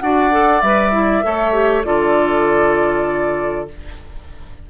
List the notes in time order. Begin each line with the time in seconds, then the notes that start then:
0.00 D4 F#4 D5 F#5
0.31 A4
0.61 G3 B4 E5
0.92 E4
1.23 A3 A4 C#5
1.53 G4
1.84 D3 F4 A4 D5